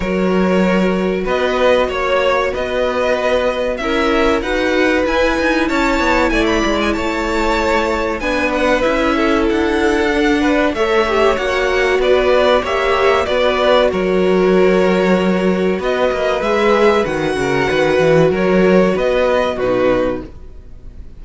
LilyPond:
<<
  \new Staff \with { instrumentName = "violin" } { \time 4/4 \tempo 4 = 95 cis''2 dis''4 cis''4 | dis''2 e''4 fis''4 | gis''4 a''4 gis''16 b''8 gis''16 a''4~ | a''4 gis''8 fis''8 e''4 fis''4~ |
fis''4 e''4 fis''4 d''4 | e''4 d''4 cis''2~ | cis''4 dis''4 e''4 fis''4~ | fis''4 cis''4 dis''4 b'4 | }
  \new Staff \with { instrumentName = "violin" } { \time 4/4 ais'2 b'4 cis''4 | b'2 ais'4 b'4~ | b'4 cis''4 d''4 cis''4~ | cis''4 b'4. a'4.~ |
a'8 b'8 cis''2 b'4 | cis''4 b'4 ais'2~ | ais'4 b'2~ b'8 ais'8 | b'4 ais'4 b'4 fis'4 | }
  \new Staff \with { instrumentName = "viola" } { \time 4/4 fis'1~ | fis'2 e'4 fis'4 | e'1~ | e'4 d'4 e'2 |
d'4 a'8 g'8 fis'2 | g'4 fis'2.~ | fis'2 gis'4 fis'4~ | fis'2. dis'4 | }
  \new Staff \with { instrumentName = "cello" } { \time 4/4 fis2 b4 ais4 | b2 cis'4 dis'4 | e'8 dis'8 cis'8 b8 a8 gis8 a4~ | a4 b4 cis'4 d'4~ |
d'4 a4 ais4 b4 | ais4 b4 fis2~ | fis4 b8 ais8 gis4 dis8 cis8 | dis8 e8 fis4 b4 b,4 | }
>>